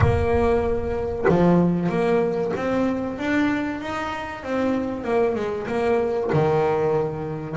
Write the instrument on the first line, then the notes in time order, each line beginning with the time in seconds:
double bass
0.00 A#3
1.28 F3
1.89 A#3
2.56 C4
3.18 D4
3.80 D#4
4.43 C4
5.04 A#3
5.35 G#3
5.67 A#3
6.32 D#3